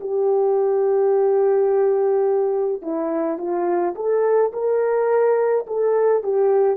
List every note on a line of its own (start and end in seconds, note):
0.00 2.82 G4
2.82 3.38 E4
3.38 3.94 F4
3.95 4.52 A4
4.52 5.66 A#4
5.67 6.23 A4
6.23 6.76 G4